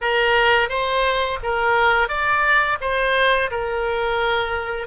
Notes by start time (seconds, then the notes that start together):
0.01 A#4
0.69 C5
1.43 A#4
2.08 D5
2.80 C5
3.51 A#4